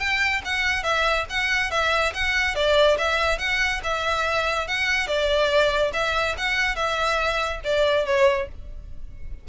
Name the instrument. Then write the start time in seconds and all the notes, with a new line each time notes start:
violin
0.00 G5
0.45 F#5
0.84 E5
1.30 F#5
1.71 E5
2.14 F#5
2.55 D5
2.98 E5
3.39 F#5
3.84 E5
4.68 F#5
5.08 D5
5.94 E5
6.38 F#5
6.76 E5
7.65 D5
8.06 C#5